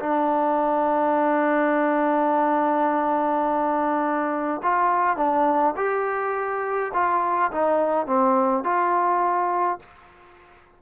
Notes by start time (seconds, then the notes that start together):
0.00 D4
4.63 F4
5.17 D4
5.77 G4
6.94 F4
7.52 D#4
8.06 C4
8.64 F4